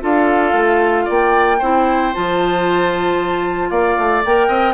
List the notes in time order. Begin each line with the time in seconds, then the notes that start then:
0.00 D4 F4 A4 F5
0.53 A3
1.04 A#3 D5 G5
1.58 C4 E4 C5
2.13 F3 F4 A5
3.70 A#3 D5 F5
3.97 A3
4.25 A#3 A#4 G5
4.47 C4 D#5